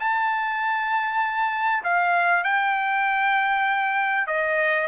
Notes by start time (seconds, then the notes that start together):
0.00 A5
1.84 F5
2.44 G5
4.27 D#5